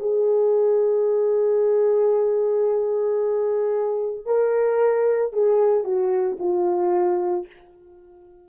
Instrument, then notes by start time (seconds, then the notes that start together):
horn
0.00 G#4
4.26 A#4
5.33 G#4
5.84 F#4
6.39 F4